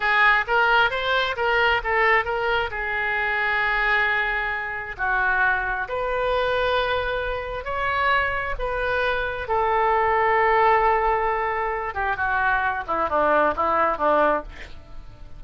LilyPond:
\new Staff \with { instrumentName = "oboe" } { \time 4/4 \tempo 4 = 133 gis'4 ais'4 c''4 ais'4 | a'4 ais'4 gis'2~ | gis'2. fis'4~ | fis'4 b'2.~ |
b'4 cis''2 b'4~ | b'4 a'2.~ | a'2~ a'8 g'8 fis'4~ | fis'8 e'8 d'4 e'4 d'4 | }